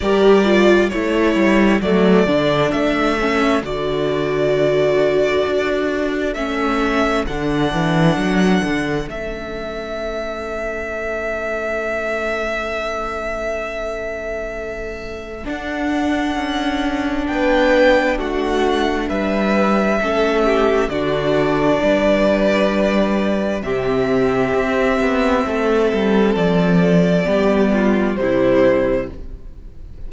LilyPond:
<<
  \new Staff \with { instrumentName = "violin" } { \time 4/4 \tempo 4 = 66 d''4 cis''4 d''4 e''4 | d''2. e''4 | fis''2 e''2~ | e''1~ |
e''4 fis''2 g''4 | fis''4 e''2 d''4~ | d''2 e''2~ | e''4 d''2 c''4 | }
  \new Staff \with { instrumentName = "violin" } { \time 4/4 ais'4 a'2.~ | a'1~ | a'1~ | a'1~ |
a'2. b'4 | fis'4 b'4 a'8 g'8 fis'4 | b'2 g'2 | a'2 g'8 f'8 e'4 | }
  \new Staff \with { instrumentName = "viola" } { \time 4/4 g'8 f'8 e'4 a8 d'4 cis'8 | fis'2. cis'4 | d'2 cis'2~ | cis'1~ |
cis'4 d'2.~ | d'2 cis'4 d'4~ | d'2 c'2~ | c'2 b4 g4 | }
  \new Staff \with { instrumentName = "cello" } { \time 4/4 g4 a8 g8 fis8 d8 a4 | d2 d'4 a4 | d8 e8 fis8 d8 a2~ | a1~ |
a4 d'4 cis'4 b4 | a4 g4 a4 d4 | g2 c4 c'8 b8 | a8 g8 f4 g4 c4 | }
>>